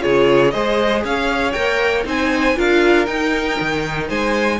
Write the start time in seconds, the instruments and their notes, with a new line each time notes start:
0.00 cello C#3, viola F4, violin G#4 C#5
0.51 cello G#3, viola G#4, violin C5 D#5
1.04 cello C#4, violin C#5 F5
1.52 cello A#3, viola A#4, violin G5
2.03 cello C4, viola D#4, violin C5 G#5
2.56 cello D4, viola F4, violin A#4 F5
3.05 viola D#4, cello D#4, violin G5
3.60 cello D#3
4.07 cello G#3, violin C5 G#5